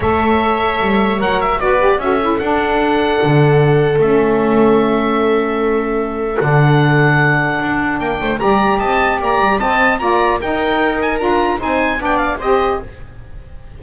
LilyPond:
<<
  \new Staff \with { instrumentName = "oboe" } { \time 4/4 \tempo 4 = 150 e''2. fis''8 e''8 | d''4 e''4 fis''2~ | fis''2 e''2~ | e''1 |
fis''1 | g''4 ais''4 a''4 ais''4 | a''4 ais''4 g''4. gis''8 | ais''4 gis''4 g''8 f''8 dis''4 | }
  \new Staff \with { instrumentName = "viola" } { \time 4/4 cis''1 | b'4 a'2.~ | a'1~ | a'1~ |
a'1 | ais'8 c''8 d''4 dis''4 d''4 | dis''4 d''4 ais'2~ | ais'4 c''4 d''4 c''4 | }
  \new Staff \with { instrumentName = "saxophone" } { \time 4/4 a'2. ais'4 | fis'8 g'8 fis'8 e'8 d'2~ | d'2 cis'2~ | cis'1 |
d'1~ | d'4 g'2. | c'4 f'4 dis'2 | f'4 dis'4 d'4 g'4 | }
  \new Staff \with { instrumentName = "double bass" } { \time 4/4 a2 g4 fis4 | b4 cis'4 d'2 | d2 a2~ | a1 |
d2. d'4 | ais8 a8 g4 c'4 ais8 g8 | c'4 ais4 dis'2 | d'4 c'4 b4 c'4 | }
>>